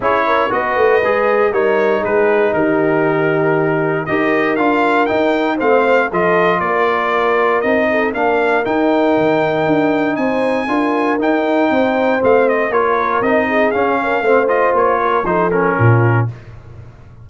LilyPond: <<
  \new Staff \with { instrumentName = "trumpet" } { \time 4/4 \tempo 4 = 118 cis''4 dis''2 cis''4 | b'4 ais'2. | dis''4 f''4 g''4 f''4 | dis''4 d''2 dis''4 |
f''4 g''2. | gis''2 g''2 | f''8 dis''8 cis''4 dis''4 f''4~ | f''8 dis''8 cis''4 c''8 ais'4. | }
  \new Staff \with { instrumentName = "horn" } { \time 4/4 gis'8 ais'8 b'2 ais'4 | gis'4 g'2. | ais'2. c''4 | a'4 ais'2~ ais'8 a'8 |
ais'1 | c''4 ais'2 c''4~ | c''4 ais'4. gis'4 ais'8 | c''4. ais'8 a'4 f'4 | }
  \new Staff \with { instrumentName = "trombone" } { \time 4/4 e'4 fis'4 gis'4 dis'4~ | dis'1 | g'4 f'4 dis'4 c'4 | f'2. dis'4 |
d'4 dis'2.~ | dis'4 f'4 dis'2 | c'4 f'4 dis'4 cis'4 | c'8 f'4. dis'8 cis'4. | }
  \new Staff \with { instrumentName = "tuba" } { \time 4/4 cis'4 b8 a8 gis4 g4 | gis4 dis2. | dis'4 d'4 dis'4 a4 | f4 ais2 c'4 |
ais4 dis'4 dis4 d'4 | c'4 d'4 dis'4 c'4 | a4 ais4 c'4 cis'4 | a4 ais4 f4 ais,4 | }
>>